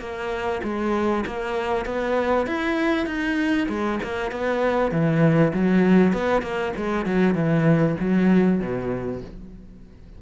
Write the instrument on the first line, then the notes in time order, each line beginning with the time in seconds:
cello
0.00 A#3
0.64 G#3
1.26 A#3
1.86 B3
2.47 E4
3.07 D#4
3.69 G#3
4.03 A#3
4.32 B3
4.92 E3
5.54 F#3
6.13 B3
6.42 A#3
6.77 G#3
7.06 F#3
7.35 E3
8.00 F#3
8.60 B2